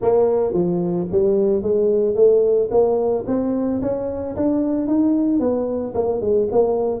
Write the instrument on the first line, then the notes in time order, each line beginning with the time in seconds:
tuba
0.01 A#3
0.53 F3
1.11 G3
1.62 G#3
2.15 A3
2.71 A#3
3.26 C4
3.81 C#4
4.35 D4
4.87 D#4
5.39 B3
5.94 A#3
6.20 G#3
6.51 A#3